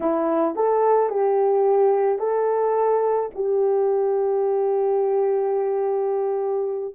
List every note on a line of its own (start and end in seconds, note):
0.00 0.55 E4
0.55 1.09 A4
1.09 2.18 G4
2.18 3.30 A4
3.34 6.94 G4